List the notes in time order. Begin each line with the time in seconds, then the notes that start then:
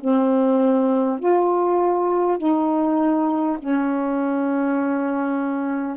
0.00 C4
1.19 F4
2.38 D#4
3.59 C#4